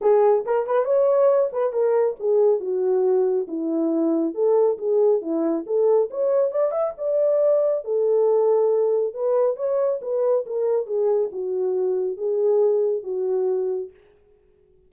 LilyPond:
\new Staff \with { instrumentName = "horn" } { \time 4/4 \tempo 4 = 138 gis'4 ais'8 b'8 cis''4. b'8 | ais'4 gis'4 fis'2 | e'2 a'4 gis'4 | e'4 a'4 cis''4 d''8 e''8 |
d''2 a'2~ | a'4 b'4 cis''4 b'4 | ais'4 gis'4 fis'2 | gis'2 fis'2 | }